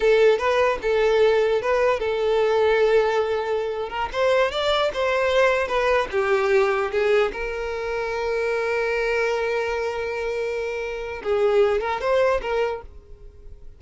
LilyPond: \new Staff \with { instrumentName = "violin" } { \time 4/4 \tempo 4 = 150 a'4 b'4 a'2 | b'4 a'2.~ | a'4.~ a'16 ais'8 c''4 d''8.~ | d''16 c''2 b'4 g'8.~ |
g'4~ g'16 gis'4 ais'4.~ ais'16~ | ais'1~ | ais'1 | gis'4. ais'8 c''4 ais'4 | }